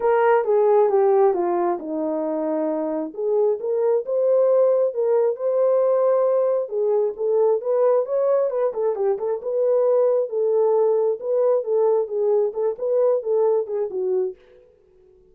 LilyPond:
\new Staff \with { instrumentName = "horn" } { \time 4/4 \tempo 4 = 134 ais'4 gis'4 g'4 f'4 | dis'2. gis'4 | ais'4 c''2 ais'4 | c''2. gis'4 |
a'4 b'4 cis''4 b'8 a'8 | g'8 a'8 b'2 a'4~ | a'4 b'4 a'4 gis'4 | a'8 b'4 a'4 gis'8 fis'4 | }